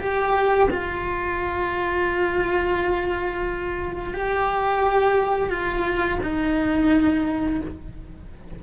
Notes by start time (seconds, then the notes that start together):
0.00 G4
0.70 F4
4.13 G4
5.50 F4
6.23 D#4